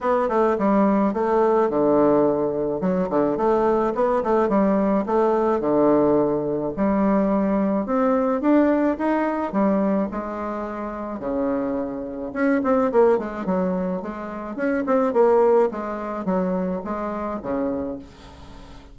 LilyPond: \new Staff \with { instrumentName = "bassoon" } { \time 4/4 \tempo 4 = 107 b8 a8 g4 a4 d4~ | d4 fis8 d8 a4 b8 a8 | g4 a4 d2 | g2 c'4 d'4 |
dis'4 g4 gis2 | cis2 cis'8 c'8 ais8 gis8 | fis4 gis4 cis'8 c'8 ais4 | gis4 fis4 gis4 cis4 | }